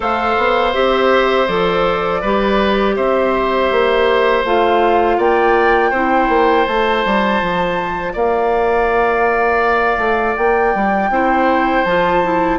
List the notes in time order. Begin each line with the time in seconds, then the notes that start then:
0.00 A3 A4 C5 F5
0.37 B3
0.73 C4 G4 E5
1.47 F3 A4 D5
2.21 G3 G4 B4
2.96 C4 C5 E5
3.71 A#3
4.44 A3 F4 F5
5.17 A#3 D5 G5
5.90 C4 E4 C5
6.29 A#3
6.66 A3 F4 A5
7.05 G3
7.41 F3
8.13 A#3 D5 F5
9.97 A3
10.36 A#3 G5
10.74 G3
11.09 C4 E4 C5
11.84 F3 F4 A5
12.23 E4